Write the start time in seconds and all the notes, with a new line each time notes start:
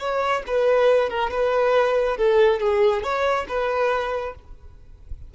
0.00 C#5
0.47 B4
1.10 A#4
1.31 B4
2.18 A4
2.60 G#4
3.03 C#5
3.49 B4